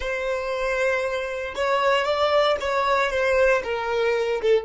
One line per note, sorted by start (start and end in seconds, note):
0.00 1.54 C5
1.55 2.05 C#5
2.05 2.57 D5
2.60 3.10 C#5
3.10 3.62 C5
3.63 4.41 A#4
4.41 4.64 A4